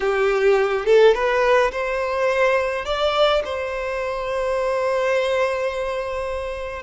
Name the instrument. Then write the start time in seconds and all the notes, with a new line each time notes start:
violin
0.00 G4
0.85 A4
1.14 B4
1.71 C5
2.85 D5
3.44 C5